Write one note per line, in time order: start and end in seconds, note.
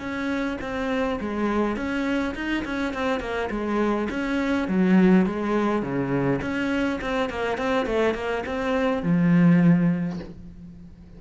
0.00 0.58 C#4
0.61 1.20 C4
1.21 1.77 G#3
1.77 2.35 C#4
2.35 2.64 D#4
2.65 2.94 C#4
2.94 3.20 C4
3.20 3.50 A#3
3.51 4.09 G#3
4.10 4.68 C#4
4.68 5.26 F#3
5.26 5.83 G#3
5.83 6.41 C#3
6.42 7.00 C#4
7.02 7.30 C4
7.30 7.58 A#3
7.58 7.86 C4
7.86 8.15 A3
8.15 8.44 A#3
8.47 9.03 C4
9.03 10.20 F3